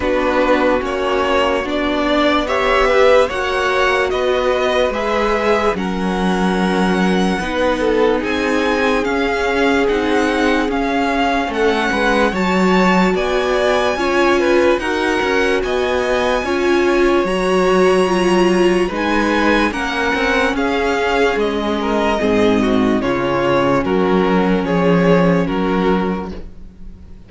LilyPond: <<
  \new Staff \with { instrumentName = "violin" } { \time 4/4 \tempo 4 = 73 b'4 cis''4 d''4 e''4 | fis''4 dis''4 e''4 fis''4~ | fis''2 gis''4 f''4 | fis''4 f''4 fis''4 a''4 |
gis''2 fis''4 gis''4~ | gis''4 ais''2 gis''4 | fis''4 f''4 dis''2 | cis''4 ais'4 cis''4 ais'4 | }
  \new Staff \with { instrumentName = "violin" } { \time 4/4 fis'2~ fis'8 d''8 cis''8 b'8 | cis''4 b'2 ais'4~ | ais'4 b'8 a'8 gis'2~ | gis'2 a'8 b'8 cis''4 |
d''4 cis''8 b'8 ais'4 dis''4 | cis''2. b'4 | ais'4 gis'4. ais'8 gis'8 fis'8 | f'4 fis'4 gis'4 fis'4 | }
  \new Staff \with { instrumentName = "viola" } { \time 4/4 d'4 cis'4 d'4 g'4 | fis'2 gis'4 cis'4~ | cis'4 dis'2 cis'4 | dis'4 cis'2 fis'4~ |
fis'4 f'4 fis'2 | f'4 fis'4 f'4 dis'4 | cis'2. c'4 | cis'1 | }
  \new Staff \with { instrumentName = "cello" } { \time 4/4 b4 ais4 b2 | ais4 b4 gis4 fis4~ | fis4 b4 c'4 cis'4 | c'4 cis'4 a8 gis8 fis4 |
b4 cis'4 dis'8 cis'8 b4 | cis'4 fis2 gis4 | ais8 c'8 cis'4 gis4 gis,4 | cis4 fis4 f4 fis4 | }
>>